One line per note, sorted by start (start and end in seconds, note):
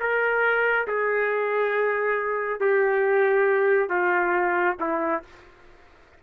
0.00 0.87 A#4
0.87 2.60 G#4
2.60 3.89 G4
3.89 4.76 F4
4.79 5.23 E4